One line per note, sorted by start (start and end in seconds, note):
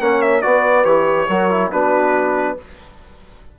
0.00 0.43 A#3
0.00 0.42 C#4
0.00 0.43 C#5
0.00 0.22 F#5
0.22 0.42 E5
0.42 0.85 B3
0.42 0.84 F#4
0.42 1.29 B4
0.42 0.85 D5
0.84 1.27 E3
0.84 1.27 G4
0.84 1.70 C#5
1.29 1.72 F#3
1.29 1.51 F#4
1.29 1.71 A#4
1.51 1.72 E4
1.71 2.58 B3
1.71 2.57 D4
1.71 2.57 F#4
1.71 2.57 B4